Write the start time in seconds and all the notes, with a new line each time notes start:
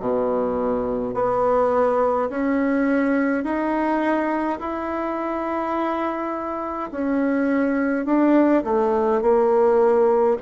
0.00 B2
1.14 B3
2.30 C#4
3.44 D#4
4.60 E4
6.92 C#4
8.06 D4
8.64 A3
9.22 A#3